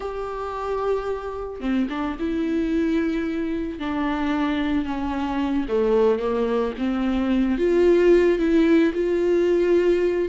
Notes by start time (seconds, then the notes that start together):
0.00 G4
1.60 C4
1.89 D4
2.19 E4
3.79 D4
4.85 C#4
5.68 A3
6.19 A#3
6.78 C4
7.58 F4
8.38 E4
8.94 F4